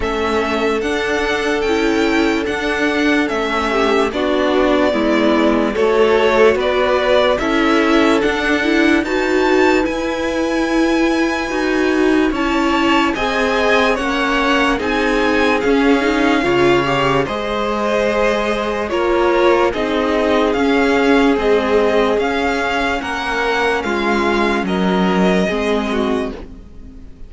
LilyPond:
<<
  \new Staff \with { instrumentName = "violin" } { \time 4/4 \tempo 4 = 73 e''4 fis''4 g''4 fis''4 | e''4 d''2 cis''4 | d''4 e''4 fis''4 a''4 | gis''2. a''4 |
gis''4 fis''4 gis''4 f''4~ | f''4 dis''2 cis''4 | dis''4 f''4 dis''4 f''4 | fis''4 f''4 dis''2 | }
  \new Staff \with { instrumentName = "violin" } { \time 4/4 a'1~ | a'8 g'8 fis'4 e'4 a'4 | b'4 a'2 b'4~ | b'2. cis''4 |
dis''4 cis''4 gis'2 | cis''4 c''2 ais'4 | gis'1 | ais'4 f'4 ais'4 gis'8 fis'8 | }
  \new Staff \with { instrumentName = "viola" } { \time 4/4 cis'4 d'4 e'4 d'4 | cis'4 d'4 b4 fis'4~ | fis'4 e'4 d'8 e'8 fis'4 | e'2 fis'4 e'4 |
gis'4 cis'4 dis'4 cis'8 dis'8 | f'8 g'8 gis'2 f'4 | dis'4 cis'4 gis4 cis'4~ | cis'2. c'4 | }
  \new Staff \with { instrumentName = "cello" } { \time 4/4 a4 d'4 cis'4 d'4 | a4 b4 gis4 a4 | b4 cis'4 d'4 dis'4 | e'2 dis'4 cis'4 |
c'4 ais4 c'4 cis'4 | cis4 gis2 ais4 | c'4 cis'4 c'4 cis'4 | ais4 gis4 fis4 gis4 | }
>>